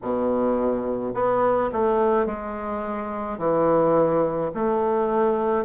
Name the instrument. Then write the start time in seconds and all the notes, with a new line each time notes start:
bassoon
0.02 B2
1.13 B3
1.72 A3
2.26 G#3
3.38 E3
4.54 A3